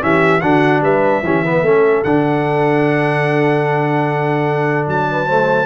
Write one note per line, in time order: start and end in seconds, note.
0.00 0.42 E3
0.00 0.41 C#4
0.00 0.41 G4
0.00 0.40 E5
0.40 0.81 D3
0.40 1.23 D4
0.40 0.82 F#4
0.40 0.81 F#5
0.81 1.21 G3
0.81 1.23 B4
0.81 2.03 E5
1.22 1.62 E3
1.22 1.45 C#4
1.22 1.44 G4
1.44 1.65 B3
1.44 1.64 B4
1.62 2.02 A3
1.62 2.05 C#4
1.62 5.08 A4
2.03 4.87 D3
2.03 5.28 D4
2.03 4.87 F#5
4.87 5.65 F#3
4.87 5.65 A5
5.11 5.27 B4
5.27 5.65 A3
5.27 5.65 C5